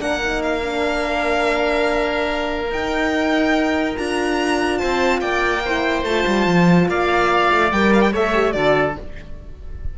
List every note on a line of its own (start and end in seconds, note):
0.00 2.71 A#3
0.00 0.21 D4
0.00 4.79 A#4
0.00 0.43 F#5
0.23 0.63 D#4
0.43 2.72 F5
0.63 2.70 D4
2.70 3.95 D#4
2.70 3.96 D#4
2.70 3.98 G5
3.96 4.82 D4
3.96 5.63 F4
3.96 4.79 A#5
4.79 5.22 C4
4.79 5.21 C5
4.79 5.20 A5
5.21 6.03 A#3
5.21 5.63 D5
5.21 6.04 G5
5.65 6.06 E4
5.65 6.90 C5
6.03 6.24 A3
6.03 7.73 F4
6.03 6.88 A5
6.27 6.47 G3
6.47 6.88 F3
6.88 7.51 A#3
6.88 8.12 D5
6.88 7.72 F5
7.52 7.72 A3
7.72 8.14 G3
7.72 8.14 A#4
7.72 7.93 G5
7.93 8.02 F5
8.02 8.12 G5
8.12 8.55 A3
8.12 8.34 A4
8.12 8.54 C#5
8.12 8.53 E5
8.34 8.53 G4
8.53 8.97 D3
8.53 8.95 F#4
8.53 8.99 A4
8.53 8.94 D5